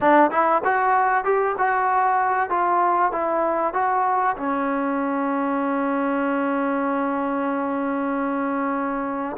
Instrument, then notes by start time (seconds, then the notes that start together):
trombone
0.00 D4
0.30 E4
0.64 F#4
1.24 G4
1.57 F#4
2.49 F4
3.11 E4
3.73 F#4
4.36 C#4